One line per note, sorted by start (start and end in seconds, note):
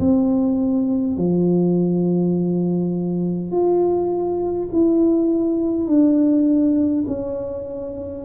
0.00 1.17 C4
1.17 3.51 F3
3.51 4.69 F4
4.72 5.87 E4
5.87 7.05 D4
7.07 8.25 C#4